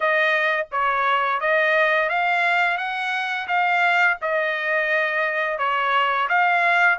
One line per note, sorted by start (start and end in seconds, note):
0.00 0.66 D#5
0.71 1.40 C#5
1.40 2.09 D#5
2.09 2.77 F5
2.77 3.47 F#5
3.47 4.17 F5
4.21 5.58 D#5
5.58 6.28 C#5
6.29 6.98 F5